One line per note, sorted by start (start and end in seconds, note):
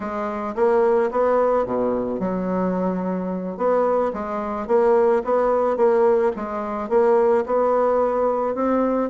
0.00 0.54 G#3
0.55 1.10 A#3
1.11 1.65 B3
1.65 2.19 B2
2.19 3.57 F#3
3.57 4.12 B3
4.13 4.67 G#3
4.67 5.22 A#3
5.24 5.76 B3
5.76 6.31 A#3
6.36 6.89 G#3
6.89 7.44 A#3
7.45 8.55 B3
8.55 9.10 C4